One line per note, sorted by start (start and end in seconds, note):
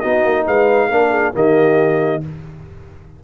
0.00 0.24 B3
0.00 0.91 D#4
0.00 0.46 F#4
0.00 0.44 D#5
0.24 0.46 A#3
0.47 0.89 G#3
0.47 0.89 B4
0.47 1.35 F5
0.89 1.33 A#3
0.89 1.34 D4
0.89 1.10 A#4
1.10 1.32 G#4
1.34 2.22 D#3
1.34 2.21 A#3
1.34 2.24 G4
1.34 2.24 D#5